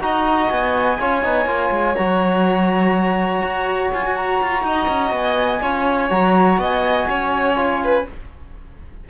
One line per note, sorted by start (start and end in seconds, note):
0.00 0.49 D#4
0.00 0.98 F#4
0.00 1.00 D#5
0.00 0.49 A#5
0.49 0.99 B3
0.49 1.95 G#5
0.99 1.24 C#4
0.99 1.22 F4
0.99 4.65 C#5
1.22 1.45 B3
1.22 1.47 D#4
1.45 1.70 A#3
1.45 1.95 F4
1.70 1.95 G#3
1.95 3.41 F#3
1.95 5.61 F#4
1.95 3.90 A#5
3.41 3.90 F#4
3.92 4.05 F4
3.92 4.16 G#5
4.05 4.42 F#4
4.16 5.13 A#5
4.42 4.62 F4
4.62 4.87 D#4
4.62 5.62 D#5
4.88 5.11 C#4
5.11 5.60 B3
5.11 6.11 G#5
5.61 6.10 C#4
5.61 6.09 F4
5.61 6.59 C#5
6.09 6.58 F#3
6.09 7.55 F#4
6.09 6.60 A#5
6.58 7.06 B3
6.58 7.07 D#5
6.58 8.09 G#5
7.07 8.05 C#4
7.07 7.82 C#5
7.55 8.04 F4
7.83 8.08 B4